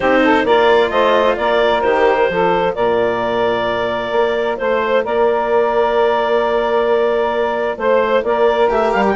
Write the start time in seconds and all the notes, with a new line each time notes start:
0.00 C4 D#4 G4 C5
0.24 A4
0.44 A#3 F4 A#4 D5
0.90 A3 C5 D#5
1.36 A#3 A#4 D5
1.81 D#3 G4 C5
2.29 F3 F4 A4
2.74 A#2 A#4 D5
4.11 A#3
4.57 A3 C5
5.03 A#3 A#4 D5
7.77 A3 C5
8.23 A#3 A#4 D5
8.69 A3 G4 E5
8.92 G3 F5
9.08 G5